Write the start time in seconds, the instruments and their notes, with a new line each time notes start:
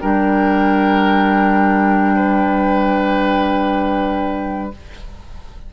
0.00 bassoon G3, clarinet D4, oboe A#4, flute G5
2.16 oboe B4